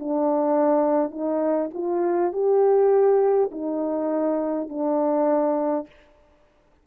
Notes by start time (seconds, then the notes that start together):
0.00 D4
1.11 D#4
1.74 F4
2.33 G4
3.52 D#4
4.70 D4